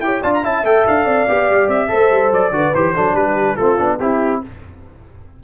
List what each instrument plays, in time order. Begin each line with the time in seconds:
0.00 tuba E4, trombone G4, horn C#5, trumpet G5
0.22 tuba D4, trombone F4, horn D5, trumpet A5
0.34 trumpet A#5
0.43 tuba C#4, trombone E4, horn E5, trumpet A5
0.64 tuba A3, trombone A4, trumpet G5
0.87 tuba D4, trumpet F5
1.05 tuba C4, horn D5
1.28 tuba B3, trombone G4
1.50 tuba G3
1.68 tuba C4, trumpet E5
1.88 tuba A3, trombone A4, horn C5
2.11 tuba G3
2.31 tuba F#3, trumpet D5
2.51 tuba D3, trombone F#4, horn B4
2.74 tuba E3, trombone G4, trumpet C5
2.94 tuba F#3, trombone D4, horn A4
3.14 tuba G3, horn G4, trumpet B4
3.56 tuba A3, trombone C4, horn F4, trumpet A4
3.77 tuba B3, trombone D4
4.00 tuba C4, horn E4, trombone E4, trumpet G4